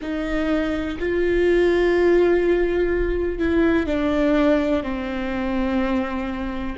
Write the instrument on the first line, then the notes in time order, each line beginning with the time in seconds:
viola
0.01 D#4
0.99 F4
3.38 E4
3.86 D4
4.83 C4